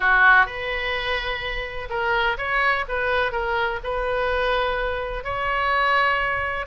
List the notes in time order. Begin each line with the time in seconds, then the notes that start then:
0.00 F#4
0.46 B4
1.89 A#4
2.37 C#5
2.88 B4
3.32 A#4
3.83 B4
5.24 C#5